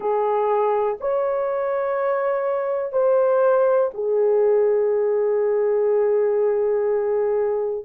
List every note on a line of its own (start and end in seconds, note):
0.00 0.97 G#4
1.00 2.92 C#5
2.92 3.90 C5
3.93 7.85 G#4